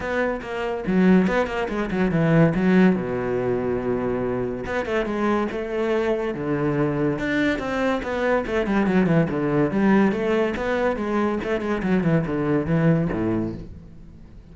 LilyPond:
\new Staff \with { instrumentName = "cello" } { \time 4/4 \tempo 4 = 142 b4 ais4 fis4 b8 ais8 | gis8 fis8 e4 fis4 b,4~ | b,2. b8 a8 | gis4 a2 d4~ |
d4 d'4 c'4 b4 | a8 g8 fis8 e8 d4 g4 | a4 b4 gis4 a8 gis8 | fis8 e8 d4 e4 a,4 | }